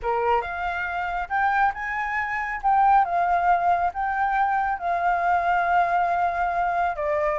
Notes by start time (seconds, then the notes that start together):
0.02 A#4
0.41 F5
1.29 G5
1.74 G#5
2.62 G5
3.04 F5
3.93 G5
4.78 F5
6.96 D5